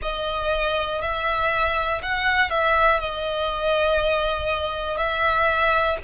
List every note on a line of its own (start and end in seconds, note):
0.01 1.01 D#5
1.01 2.01 E5
2.02 2.50 F#5
2.50 3.00 E5
3.00 4.97 D#5
4.97 5.97 E5